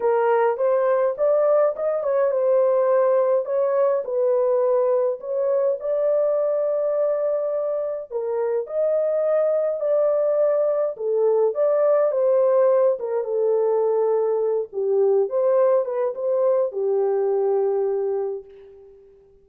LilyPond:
\new Staff \with { instrumentName = "horn" } { \time 4/4 \tempo 4 = 104 ais'4 c''4 d''4 dis''8 cis''8 | c''2 cis''4 b'4~ | b'4 cis''4 d''2~ | d''2 ais'4 dis''4~ |
dis''4 d''2 a'4 | d''4 c''4. ais'8 a'4~ | a'4. g'4 c''4 b'8 | c''4 g'2. | }